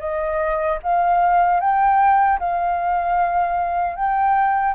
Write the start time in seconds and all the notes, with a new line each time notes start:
0.00 D#5
0.83 F5
1.60 G5
2.40 F5
3.96 G5